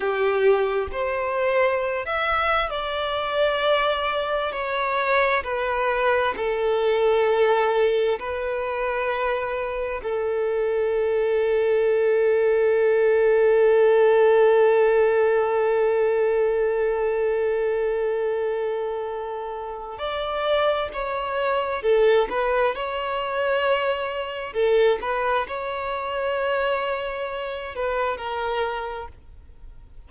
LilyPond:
\new Staff \with { instrumentName = "violin" } { \time 4/4 \tempo 4 = 66 g'4 c''4~ c''16 e''8. d''4~ | d''4 cis''4 b'4 a'4~ | a'4 b'2 a'4~ | a'1~ |
a'1~ | a'2 d''4 cis''4 | a'8 b'8 cis''2 a'8 b'8 | cis''2~ cis''8 b'8 ais'4 | }